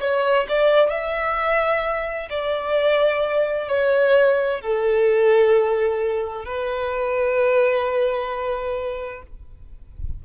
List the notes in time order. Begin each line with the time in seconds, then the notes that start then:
0.00 C#5
0.48 D5
0.90 E5
2.30 D5
3.68 C#5
4.61 A4
6.45 B4